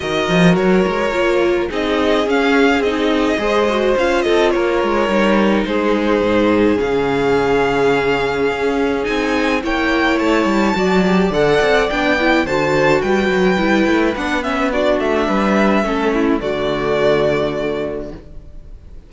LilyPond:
<<
  \new Staff \with { instrumentName = "violin" } { \time 4/4 \tempo 4 = 106 dis''4 cis''2 dis''4 | f''4 dis''2 f''8 dis''8 | cis''2 c''2 | f''1 |
gis''4 g''4 a''2 | fis''4 g''4 a''4 g''4~ | g''4 fis''8 e''8 d''8 e''4.~ | e''4 d''2. | }
  \new Staff \with { instrumentName = "violin" } { \time 4/4 ais'2. gis'4~ | gis'2 c''4. a'8 | ais'2 gis'2~ | gis'1~ |
gis'4 cis''2 d''4~ | d''2 c''4 b'4~ | b'2 fis'4 b'4 | a'8 e'8 fis'2. | }
  \new Staff \with { instrumentName = "viola" } { \time 4/4 fis'2 f'4 dis'4 | cis'4 dis'4 gis'8 fis'8 f'4~ | f'4 dis'2. | cis'1 |
dis'4 e'2 fis'8 g'8 | a'4 d'8 e'8 fis'2 | e'4 d'8 cis'8 d'2 | cis'4 a2. | }
  \new Staff \with { instrumentName = "cello" } { \time 4/4 dis8 f8 fis8 gis8 ais4 c'4 | cis'4 c'4 gis4 cis'8 c'8 | ais8 gis8 g4 gis4 gis,4 | cis2. cis'4 |
c'4 ais4 a8 g8 fis4 | d8 c'8 b4 d4 g8 fis8 | g8 a8 b4. a8 g4 | a4 d2. | }
>>